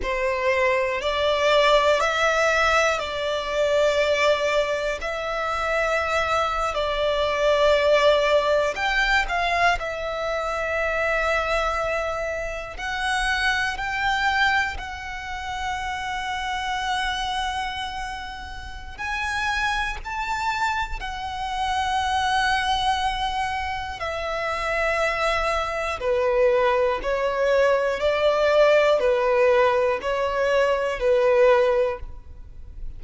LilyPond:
\new Staff \with { instrumentName = "violin" } { \time 4/4 \tempo 4 = 60 c''4 d''4 e''4 d''4~ | d''4 e''4.~ e''16 d''4~ d''16~ | d''8. g''8 f''8 e''2~ e''16~ | e''8. fis''4 g''4 fis''4~ fis''16~ |
fis''2. gis''4 | a''4 fis''2. | e''2 b'4 cis''4 | d''4 b'4 cis''4 b'4 | }